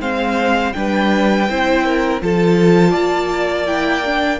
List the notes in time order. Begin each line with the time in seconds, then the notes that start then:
0.00 G#3 C4 C5 F5
0.73 G3 D4 B4 G5
1.49 C4 E4 C5
1.86 A#4
2.21 F3 F4 A4 A5
2.91 A#3 D5
3.67 E4 G5
4.05 D4